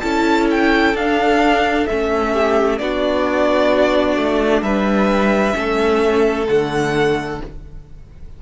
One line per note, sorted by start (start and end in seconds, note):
0.00 0.94 C#4
0.00 0.96 E4
0.00 2.32 A4
0.00 0.46 A5
0.51 0.97 G5
0.94 1.86 D4
0.94 1.88 D4
0.94 1.86 F5
1.86 2.80 A3
1.86 2.80 C#4
1.86 2.78 E5
2.32 2.79 G4
2.78 4.17 B3
2.78 5.53 D4
2.78 4.64 F#4
2.78 4.63 D5
4.17 4.62 A3
4.62 5.54 G3
4.62 5.57 B4
4.62 6.47 E5
5.53 6.48 A3
5.53 6.46 C#4
5.53 7.42 A4
6.48 7.41 D3
6.48 7.41 A3
6.48 7.41 F#5